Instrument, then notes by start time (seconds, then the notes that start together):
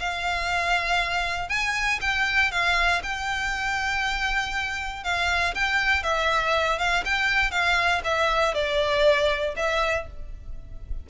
violin
0.00 F5
1.49 G#5
2.01 G5
2.52 F5
3.03 G5
5.04 F5
5.55 G5
6.03 E5
6.79 F5
7.05 G5
7.51 F5
8.05 E5
8.55 D5
9.57 E5